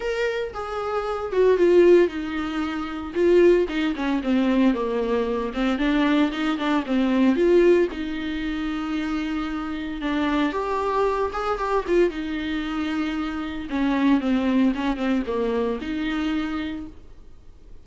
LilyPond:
\new Staff \with { instrumentName = "viola" } { \time 4/4 \tempo 4 = 114 ais'4 gis'4. fis'8 f'4 | dis'2 f'4 dis'8 cis'8 | c'4 ais4. c'8 d'4 | dis'8 d'8 c'4 f'4 dis'4~ |
dis'2. d'4 | g'4. gis'8 g'8 f'8 dis'4~ | dis'2 cis'4 c'4 | cis'8 c'8 ais4 dis'2 | }